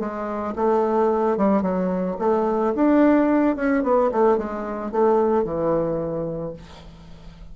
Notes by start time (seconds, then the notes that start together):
0.00 G#3
0.56 A3
1.38 G3
1.62 F#3
2.19 A3
2.76 D4
3.57 C#4
3.84 B3
4.12 A3
4.38 G#3
4.92 A3
5.44 E3